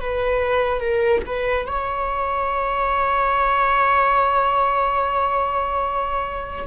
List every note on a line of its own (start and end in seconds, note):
0.00 0.80 B4
0.80 1.22 A#4
1.26 1.66 B4
1.66 6.66 C#5